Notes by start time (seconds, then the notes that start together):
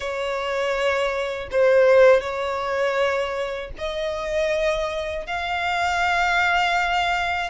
0.00 C#5
1.51 C5
2.21 C#5
3.78 D#5
5.26 F5